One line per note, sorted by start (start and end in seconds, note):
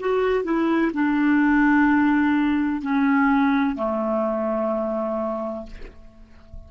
0.00 0.44 F#4
0.44 0.91 E4
0.93 2.82 D4
2.82 3.76 C#4
3.76 5.66 A3